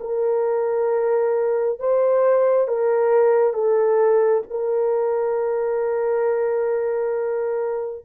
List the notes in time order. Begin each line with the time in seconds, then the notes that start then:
0.00 A#4
1.79 C5
2.68 A#4
3.53 A4
4.50 A#4